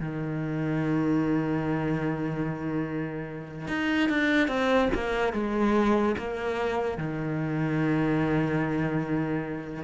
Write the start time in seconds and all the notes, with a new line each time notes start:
0.00 D#3
3.68 D#4
4.09 D4
4.48 C4
4.95 A#3
5.33 G#3
6.18 A#3
6.98 D#3